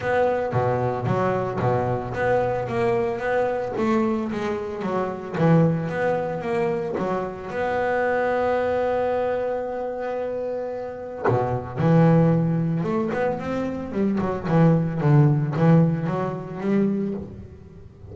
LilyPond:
\new Staff \with { instrumentName = "double bass" } { \time 4/4 \tempo 4 = 112 b4 b,4 fis4 b,4 | b4 ais4 b4 a4 | gis4 fis4 e4 b4 | ais4 fis4 b2~ |
b1~ | b4 b,4 e2 | a8 b8 c'4 g8 fis8 e4 | d4 e4 fis4 g4 | }